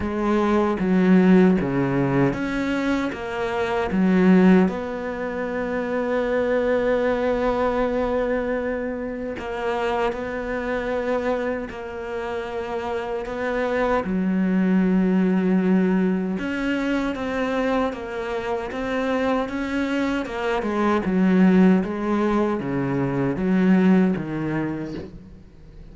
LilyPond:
\new Staff \with { instrumentName = "cello" } { \time 4/4 \tempo 4 = 77 gis4 fis4 cis4 cis'4 | ais4 fis4 b2~ | b1 | ais4 b2 ais4~ |
ais4 b4 fis2~ | fis4 cis'4 c'4 ais4 | c'4 cis'4 ais8 gis8 fis4 | gis4 cis4 fis4 dis4 | }